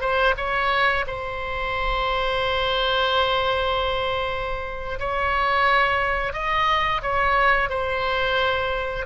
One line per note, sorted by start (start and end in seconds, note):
0.00 0.34 C5
0.37 1.05 C#5
1.07 4.99 C5
4.99 6.33 C#5
6.33 7.01 D#5
7.02 7.69 C#5
7.69 9.06 C5